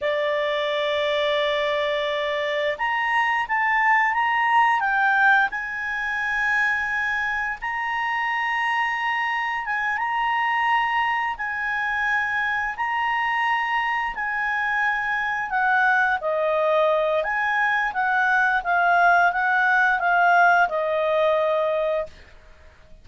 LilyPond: \new Staff \with { instrumentName = "clarinet" } { \time 4/4 \tempo 4 = 87 d''1 | ais''4 a''4 ais''4 g''4 | gis''2. ais''4~ | ais''2 gis''8 ais''4.~ |
ais''8 gis''2 ais''4.~ | ais''8 gis''2 fis''4 dis''8~ | dis''4 gis''4 fis''4 f''4 | fis''4 f''4 dis''2 | }